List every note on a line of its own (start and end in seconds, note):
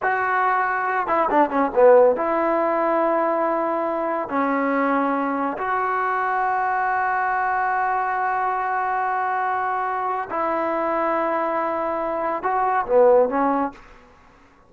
0.02 1.07 F#4
1.07 1.28 E4
1.30 1.49 D4
1.49 1.71 C#4
1.74 2.15 B3
2.15 4.28 E4
4.28 5.57 C#4
5.57 10.29 F#4
10.30 12.42 E4
12.42 12.85 F#4
12.86 13.29 B3
13.29 13.72 C#4